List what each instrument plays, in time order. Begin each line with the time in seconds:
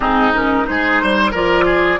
0.00 bassoon G#2, clarinet C4, oboe D#4, flute G#4
0.34 clarinet C#4, flute A#4
0.64 bassoon G#3, clarinet D#4, oboe G#4, flute C5
1.02 bassoon G3, oboe C5
1.31 bassoon F3, clarinet F4, oboe A#4, flute D5
1.65 oboe G#4